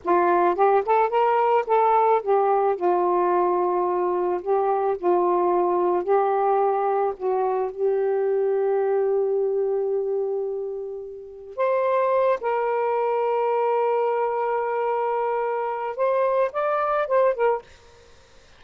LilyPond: \new Staff \with { instrumentName = "saxophone" } { \time 4/4 \tempo 4 = 109 f'4 g'8 a'8 ais'4 a'4 | g'4 f'2. | g'4 f'2 g'4~ | g'4 fis'4 g'2~ |
g'1~ | g'4 c''4. ais'4.~ | ais'1~ | ais'4 c''4 d''4 c''8 ais'8 | }